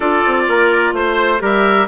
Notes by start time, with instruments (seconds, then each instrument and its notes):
0.00 bassoon D4, clarinet F4, trumpet A4, oboe D5
0.26 bassoon C4
0.48 bassoon A#3, trumpet A#4
0.92 bassoon A3, oboe C5, trumpet C5
1.39 bassoon G3, clarinet G4, trumpet A#4, oboe E5